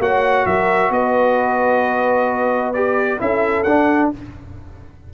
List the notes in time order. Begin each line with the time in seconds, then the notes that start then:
0.00 A#3 F#4 C#5 F#5
0.46 F#3 A#4 E5
0.91 B3 B4 D#5
2.74 G4 D5
3.19 C#4 E4 A4 E5
3.64 D4 F#5